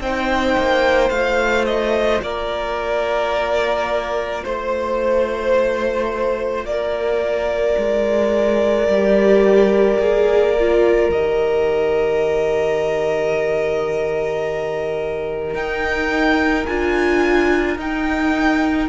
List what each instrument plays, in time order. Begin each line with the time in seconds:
0.00 cello C4, viola D#4, violin C5 G5
0.57 cello A#3
1.09 cello A3, viola F4, violin F5
1.65 violin D#5
2.21 cello A#3, violin A#4 D5
4.43 cello A3, violin C5
6.64 cello A#3, violin D5
6.70 violin A#4
7.78 cello G#3
8.87 cello G3, viola G4
9.99 cello A#3, viola G#4
10.59 viola F4
11.09 cello D#3, viola G4, violin D#5
15.53 cello D#4, viola D#4, violin G5
16.66 cello D4, viola F4, violin G#5
17.77 cello D#4, viola D#4, violin G5